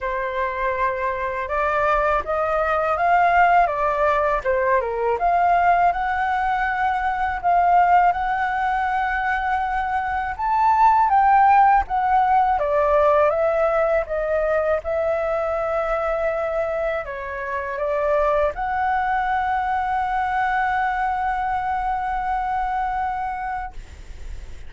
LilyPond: \new Staff \with { instrumentName = "flute" } { \time 4/4 \tempo 4 = 81 c''2 d''4 dis''4 | f''4 d''4 c''8 ais'8 f''4 | fis''2 f''4 fis''4~ | fis''2 a''4 g''4 |
fis''4 d''4 e''4 dis''4 | e''2. cis''4 | d''4 fis''2.~ | fis''1 | }